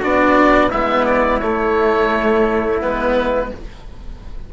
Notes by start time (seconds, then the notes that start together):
0.00 B3 D4 F#4 D5
0.70 G#3 B3 E4 E5
1.06 D5
1.40 A3 C#5
2.82 G#3 B3 B4